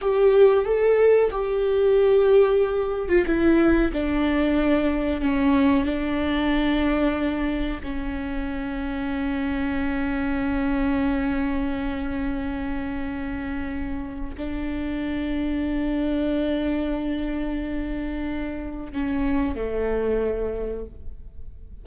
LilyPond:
\new Staff \with { instrumentName = "viola" } { \time 4/4 \tempo 4 = 92 g'4 a'4 g'2~ | g'8. f'16 e'4 d'2 | cis'4 d'2. | cis'1~ |
cis'1~ | cis'2 d'2~ | d'1~ | d'4 cis'4 a2 | }